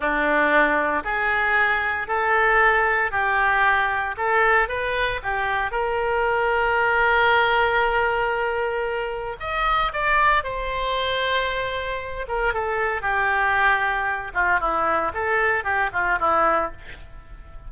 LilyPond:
\new Staff \with { instrumentName = "oboe" } { \time 4/4 \tempo 4 = 115 d'2 gis'2 | a'2 g'2 | a'4 b'4 g'4 ais'4~ | ais'1~ |
ais'2 dis''4 d''4 | c''2.~ c''8 ais'8 | a'4 g'2~ g'8 f'8 | e'4 a'4 g'8 f'8 e'4 | }